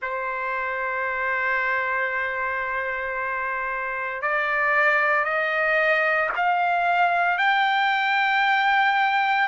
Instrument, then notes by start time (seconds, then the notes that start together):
trumpet
0.01 C5
4.22 D5
5.24 D#5
6.36 F5
7.38 G5